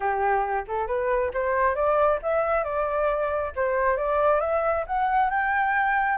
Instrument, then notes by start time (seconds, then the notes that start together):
flute
0.00 G4
0.67 A4
0.87 B4
1.33 C5
1.75 D5
2.22 E5
2.64 D5
3.55 C5
3.96 D5
4.40 E5
4.86 F#5
5.29 G5